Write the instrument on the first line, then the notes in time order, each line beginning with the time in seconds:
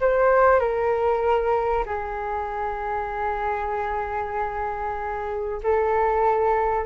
flute
0.00 C5
0.59 A#4
1.85 G#4
5.63 A4